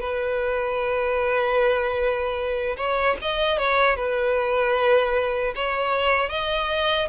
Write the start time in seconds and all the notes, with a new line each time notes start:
0.00 B4
2.77 C#5
3.22 D#5
3.58 C#5
3.96 B4
5.55 C#5
6.29 D#5